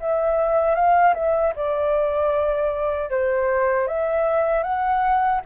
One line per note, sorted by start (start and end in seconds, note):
0.00 0.75 E5
0.75 1.14 F5
1.14 1.53 E5
1.55 3.10 D5
3.10 3.87 C5
3.87 4.63 E5
4.63 5.41 F#5